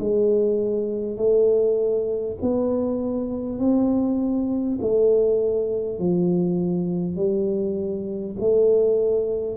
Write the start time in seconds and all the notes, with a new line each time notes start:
0.00 G#3
1.17 A3
2.42 B3
3.59 C4
4.82 A3
5.99 F3
7.17 G3
8.40 A3